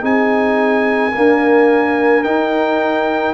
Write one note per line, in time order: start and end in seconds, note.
0.00 1.13 C4
0.00 1.11 D#4
0.00 1.12 G#4
0.00 2.23 G#5
1.12 2.23 A#3
1.12 2.25 D4
1.12 3.34 A#4
2.23 3.34 D#4
2.23 3.34 G5